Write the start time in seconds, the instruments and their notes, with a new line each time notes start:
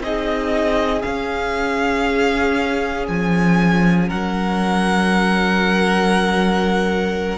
0.00 cello C4, viola D#4, violin G#4 D#5
1.02 viola C#4, cello C#4, violin F5
3.08 cello F3, violin G#5
4.08 cello F#3, violin A#4 F#5